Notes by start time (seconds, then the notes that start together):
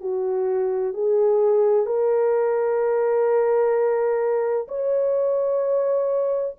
0.00 F#4
0.93 G#4
1.85 A#4
4.68 C#5